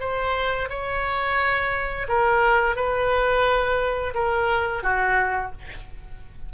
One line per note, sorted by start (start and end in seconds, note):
0.00 0.69 C5
0.70 2.08 C#5
2.09 2.76 A#4
2.76 4.14 B4
4.15 4.83 A#4
4.83 5.52 F#4